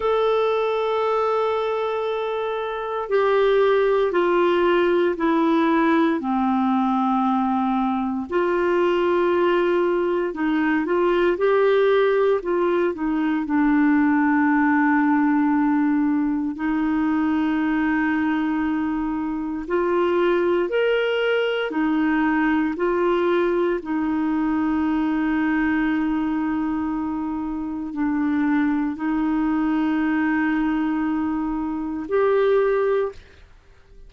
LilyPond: \new Staff \with { instrumentName = "clarinet" } { \time 4/4 \tempo 4 = 58 a'2. g'4 | f'4 e'4 c'2 | f'2 dis'8 f'8 g'4 | f'8 dis'8 d'2. |
dis'2. f'4 | ais'4 dis'4 f'4 dis'4~ | dis'2. d'4 | dis'2. g'4 | }